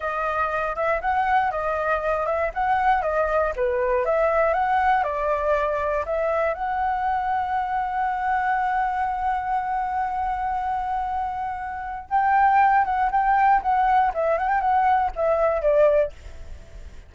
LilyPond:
\new Staff \with { instrumentName = "flute" } { \time 4/4 \tempo 4 = 119 dis''4. e''8 fis''4 dis''4~ | dis''8 e''8 fis''4 dis''4 b'4 | e''4 fis''4 d''2 | e''4 fis''2.~ |
fis''1~ | fis''1 | g''4. fis''8 g''4 fis''4 | e''8 fis''16 g''16 fis''4 e''4 d''4 | }